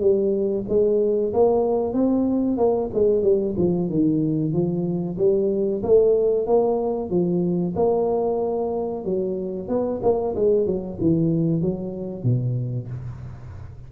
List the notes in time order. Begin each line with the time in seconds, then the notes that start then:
0.00 G3
0.69 G#3
1.33 A#3
1.94 C4
2.57 A#3
2.94 G#3
3.23 G3
3.57 F3
3.89 D#3
4.53 F3
5.18 G3
5.83 A3
6.46 A#3
7.10 F3
7.76 A#3
9.05 F#3
9.68 B3
10.03 A#3
10.35 G#3
10.66 F#3
11.01 E3
11.61 F#3
12.23 B2